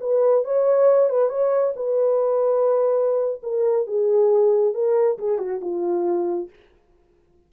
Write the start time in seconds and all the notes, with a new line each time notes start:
0.00 B4
0.44 C#5
1.09 B4
1.29 C#5
1.75 B4
3.42 A#4
3.86 G#4
4.73 A#4
5.18 G#4
5.38 F#4
5.61 F4